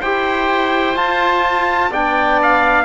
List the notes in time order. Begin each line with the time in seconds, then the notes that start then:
0.00 E4 G4 C5 G5
0.96 F4 A5
1.90 B3 D4 D5 G5
2.43 F5